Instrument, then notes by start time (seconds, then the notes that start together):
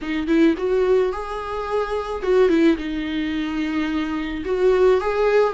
viola
0.01 D#4
0.27 E4
0.57 F#4
1.12 G#4
2.22 F#4
2.48 E4
2.77 D#4
4.45 F#4
5.00 G#4